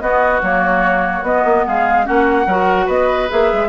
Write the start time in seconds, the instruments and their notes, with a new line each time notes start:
0.00 bassoon B3, clarinet B3, oboe F#4, flute D#5
0.42 bassoon F#3, clarinet A#3, flute C#5
1.22 bassoon B3, clarinet B3, flute D#5
1.45 bassoon A#3
1.67 bassoon G#3, oboe G#4, flute F5
2.04 bassoon A#3, clarinet C#4, oboe F#4, flute F#5
2.47 bassoon F#3, clarinet F#4, oboe A#4
2.86 bassoon B3, oboe B4, flute D#5
3.29 bassoon A#3, clarinet G#4, flute E5
3.53 bassoon G#3